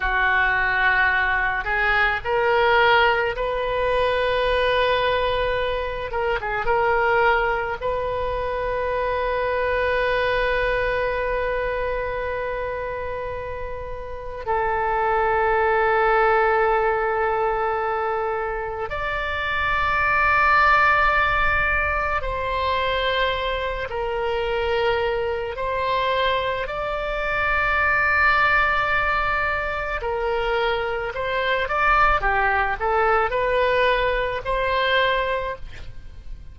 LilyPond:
\new Staff \with { instrumentName = "oboe" } { \time 4/4 \tempo 4 = 54 fis'4. gis'8 ais'4 b'4~ | b'4. ais'16 gis'16 ais'4 b'4~ | b'1~ | b'4 a'2.~ |
a'4 d''2. | c''4. ais'4. c''4 | d''2. ais'4 | c''8 d''8 g'8 a'8 b'4 c''4 | }